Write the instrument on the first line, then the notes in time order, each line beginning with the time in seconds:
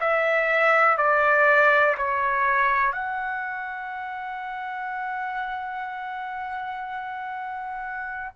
trumpet
0.00 E5
0.97 D5
1.97 C#5
2.92 F#5